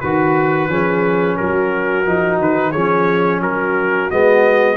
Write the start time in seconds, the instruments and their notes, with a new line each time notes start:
0.00 tuba D#3, horn F#4, trombone F#4, trumpet B4
0.69 tuba F3, trombone C#4, horn G#4
1.37 tuba F#3, horn F#4, trumpet A#4
2.05 tuba F3, trombone D#4
2.39 tuba D#3, trumpet B4
2.71 tuba F3, trombone C#4, horn G#4, trumpet C#5
3.41 tuba F#3, horn F#4, trumpet A#4
4.10 tuba G#3, trombone B3, trumpet D#5